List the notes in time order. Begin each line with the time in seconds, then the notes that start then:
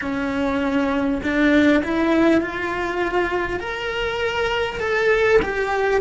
0.01 C#4
1.22 D4
1.84 E4
2.41 F4
3.60 A#4
4.79 A4
5.42 G4